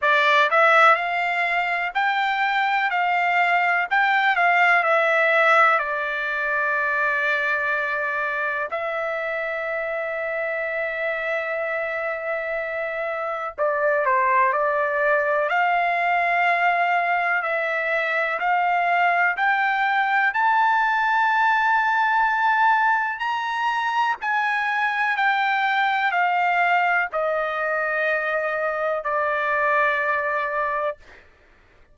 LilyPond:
\new Staff \with { instrumentName = "trumpet" } { \time 4/4 \tempo 4 = 62 d''8 e''8 f''4 g''4 f''4 | g''8 f''8 e''4 d''2~ | d''4 e''2.~ | e''2 d''8 c''8 d''4 |
f''2 e''4 f''4 | g''4 a''2. | ais''4 gis''4 g''4 f''4 | dis''2 d''2 | }